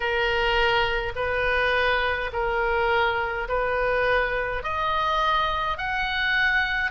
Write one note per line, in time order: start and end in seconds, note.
0.00 1.13 A#4
1.15 2.31 B4
2.32 3.48 A#4
3.48 4.63 B4
4.63 5.77 D#5
5.77 6.91 F#5